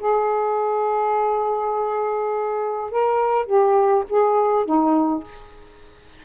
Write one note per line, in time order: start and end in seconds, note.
0.00 2.91 G#4
2.91 3.46 A#4
3.46 4.04 G4
4.09 4.65 G#4
4.65 5.24 D#4